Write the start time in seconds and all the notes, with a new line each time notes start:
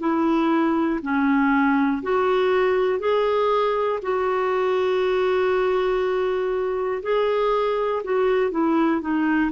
0.00 E4
1.03 C#4
2.03 F#4
3.00 G#4
4.02 F#4
7.03 G#4
8.04 F#4
8.51 E4
9.01 D#4